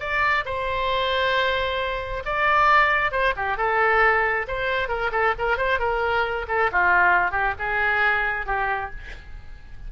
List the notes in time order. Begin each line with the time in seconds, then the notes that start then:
0.00 D5
0.45 C5
2.25 D5
3.12 C5
3.36 G4
3.57 A4
4.47 C5
4.88 A#4
5.12 A4
5.38 A#4
5.57 C5
5.79 A#4
6.48 A4
6.72 F4
7.31 G4
7.59 G#4
8.46 G4